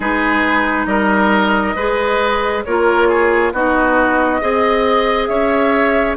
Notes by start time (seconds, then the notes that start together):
0.00 G#3 D#4 G#4 B4
0.85 G3 A#4 D#5
1.75 G#3 G#4 B4
2.64 A#3 F4 A#4 C#5
3.08 G#4
3.52 B3 D#4 F#4 D#5
4.40 C4 G#4 D#5
5.26 C#4 C#5 E5